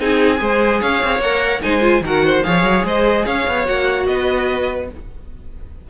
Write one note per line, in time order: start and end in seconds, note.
0.00 0.41 C4
0.00 0.38 D#4
0.00 0.41 G#4
0.00 0.82 G#5
0.38 0.82 G#3
0.38 1.19 G#4
0.38 0.81 C5
0.81 1.03 C#4
0.81 1.62 C#5
0.81 1.21 F5
1.04 1.20 C4
1.20 1.61 A#3
1.20 1.62 A#4
1.20 1.62 F#5
1.62 2.01 G#3
1.62 1.81 D#4
1.62 2.04 C5
1.62 2.03 G#5
1.81 2.02 F4
2.01 2.42 D#3
2.01 2.44 F#4
2.01 2.26 A#4
2.08 2.43 F#5
2.26 2.46 C5
2.43 2.64 F3
2.43 3.65 G#4
2.43 2.86 C#5
2.43 2.84 F5
2.64 2.84 F#3
2.85 3.25 G#3
2.85 3.26 C5
2.85 3.26 D#5
3.26 3.47 C#4
3.26 4.07 C#5
3.26 3.67 F5
3.48 3.68 B3
3.65 4.09 A#3
3.65 4.87 F#4
3.65 4.07 F#5
4.07 4.90 B3
4.07 4.90 B4
4.07 4.89 D#5